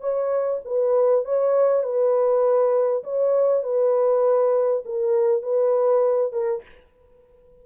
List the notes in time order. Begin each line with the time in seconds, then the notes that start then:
0.00 C#5
0.64 B4
1.24 C#5
1.83 B4
3.04 C#5
3.63 B4
4.85 A#4
5.42 B4
6.32 A#4